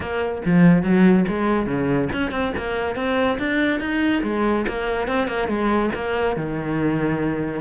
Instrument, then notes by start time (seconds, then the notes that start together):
cello
0.00 A#3
0.45 F3
0.83 F#3
1.28 G#3
1.66 C#3
2.12 C#4
2.31 C4
2.57 A#3
2.95 C4
3.38 D4
3.80 D#4
4.23 G#3
4.68 A#3
5.07 C4
5.27 A#3
5.48 G#3
5.94 A#3
6.36 D#3